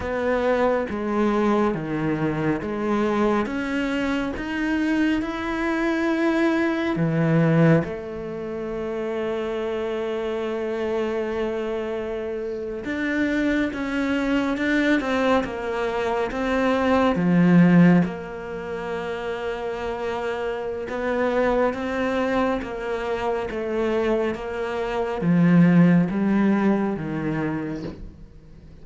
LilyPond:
\new Staff \with { instrumentName = "cello" } { \time 4/4 \tempo 4 = 69 b4 gis4 dis4 gis4 | cis'4 dis'4 e'2 | e4 a2.~ | a2~ a8. d'4 cis'16~ |
cis'8. d'8 c'8 ais4 c'4 f16~ | f8. ais2.~ ais16 | b4 c'4 ais4 a4 | ais4 f4 g4 dis4 | }